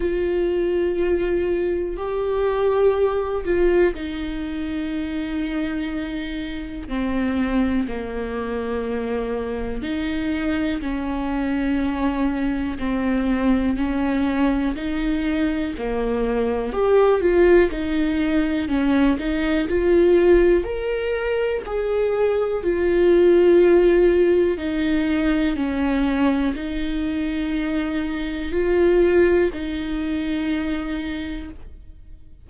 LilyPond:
\new Staff \with { instrumentName = "viola" } { \time 4/4 \tempo 4 = 61 f'2 g'4. f'8 | dis'2. c'4 | ais2 dis'4 cis'4~ | cis'4 c'4 cis'4 dis'4 |
ais4 g'8 f'8 dis'4 cis'8 dis'8 | f'4 ais'4 gis'4 f'4~ | f'4 dis'4 cis'4 dis'4~ | dis'4 f'4 dis'2 | }